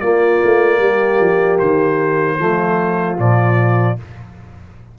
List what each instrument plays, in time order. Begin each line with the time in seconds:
0.00 tuba A#3, trombone A#3, horn F4, trumpet D5
0.44 tuba A3
0.79 tuba G3, horn G4
1.20 tuba F3
1.59 tuba D#3, trumpet C5
2.39 tuba F3, trombone A3, horn F4
3.18 tuba A#2, trombone F3, trumpet D5